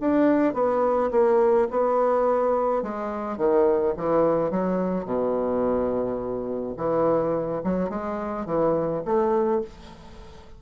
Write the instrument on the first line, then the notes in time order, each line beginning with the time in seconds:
bassoon
0.00 D4
0.54 B3
1.11 A#3
1.70 B3
2.83 G#3
3.37 D#3
3.97 E3
4.50 F#3
5.05 B2
6.77 E3
7.63 F#3
7.89 G#3
8.46 E3
9.05 A3